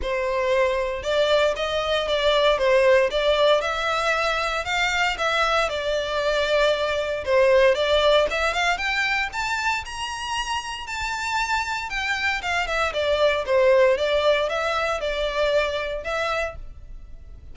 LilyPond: \new Staff \with { instrumentName = "violin" } { \time 4/4 \tempo 4 = 116 c''2 d''4 dis''4 | d''4 c''4 d''4 e''4~ | e''4 f''4 e''4 d''4~ | d''2 c''4 d''4 |
e''8 f''8 g''4 a''4 ais''4~ | ais''4 a''2 g''4 | f''8 e''8 d''4 c''4 d''4 | e''4 d''2 e''4 | }